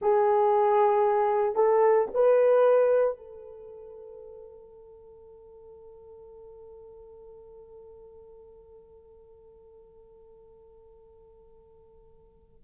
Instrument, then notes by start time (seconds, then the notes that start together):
horn
0.01 G#4
1.55 A4
2.13 B4
3.17 A4